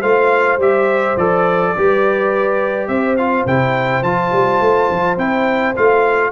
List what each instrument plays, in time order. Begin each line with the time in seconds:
0.00 tuba A3, trombone F4, horn C5, trumpet F5
0.57 tuba G3, trombone G4, trumpet E5
1.16 tuba F3, trombone A4, trumpet D5
1.76 tuba G3, trombone G4, horn B4
2.87 tuba C4, horn C5, trumpet E5
3.17 trombone F4, trumpet F5
3.45 tuba C3, trombone E4, trumpet G5
4.02 tuba F3, trombone F4, trumpet A5
4.32 tuba G3
4.60 tuba A3
4.90 tuba F3
5.17 tuba C4, trombone E4, trumpet G5
5.75 tuba A3, trombone F4, trumpet F5